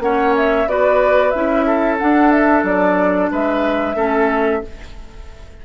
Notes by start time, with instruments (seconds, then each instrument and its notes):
0.00 bassoon A#3, clarinet C#4, oboe C#5, flute F#5
0.36 flute E5
0.66 bassoon B3, clarinet F#4, oboe B4, flute D5
1.30 bassoon C#4, clarinet E4, flute E5
1.66 oboe A4
1.98 clarinet D4, bassoon D4, flute F#5
2.31 flute E5
2.63 bassoon F#3, flute D5
3.31 bassoon G#3, oboe B4, flute E5
3.95 bassoon A3, clarinet C#4, oboe A4